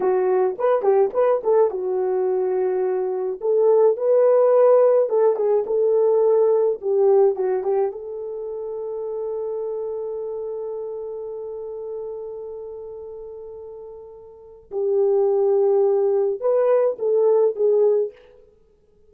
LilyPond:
\new Staff \with { instrumentName = "horn" } { \time 4/4 \tempo 4 = 106 fis'4 b'8 g'8 b'8 a'8 fis'4~ | fis'2 a'4 b'4~ | b'4 a'8 gis'8 a'2 | g'4 fis'8 g'8 a'2~ |
a'1~ | a'1~ | a'2 g'2~ | g'4 b'4 a'4 gis'4 | }